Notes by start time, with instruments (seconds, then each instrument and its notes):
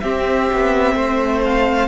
0.00 viola C4, cello C4, violin G4 E5
0.53 cello B3
0.95 cello A3, violin C5
1.44 violin F5